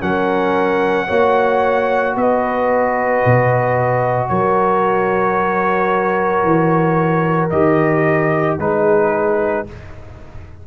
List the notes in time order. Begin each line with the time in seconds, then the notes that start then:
0.00 F#3 C#4 A#4 F#5
1.07 A#3 F#4 C#5
2.15 B3 B4 D#5
3.26 B2
4.28 F#3 A#4 C#5
6.44 E3
7.50 D#3 G4 D#5
8.59 G#3 D#4 G#4 B4